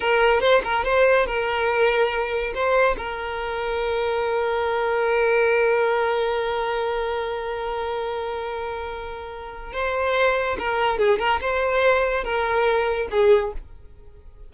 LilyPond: \new Staff \with { instrumentName = "violin" } { \time 4/4 \tempo 4 = 142 ais'4 c''8 ais'8 c''4 ais'4~ | ais'2 c''4 ais'4~ | ais'1~ | ais'1~ |
ais'1~ | ais'2. c''4~ | c''4 ais'4 gis'8 ais'8 c''4~ | c''4 ais'2 gis'4 | }